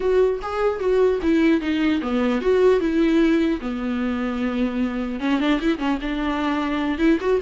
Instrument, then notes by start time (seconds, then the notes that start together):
viola
0.00 F#4
0.41 G#4
0.79 F#4
1.22 E4
1.60 D#4
2.01 B3
2.41 F#4
2.80 E4
3.61 B3
5.19 C#4
5.40 D4
5.60 E4
5.78 C#4
6.01 D4
6.98 E4
7.20 F#4